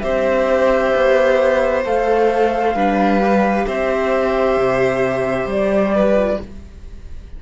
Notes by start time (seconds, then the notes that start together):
0.00 C4 G4 C5 E5
0.95 B3
1.85 A3 A4 F5
2.74 G3 D4 B4
3.20 G4
3.67 C4 C5 E5
4.57 C3
5.45 G3 D5
5.94 B4
6.15 F4